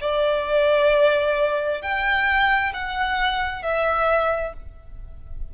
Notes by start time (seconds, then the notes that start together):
0.00 D5
1.81 G5
2.73 F#5
3.62 E5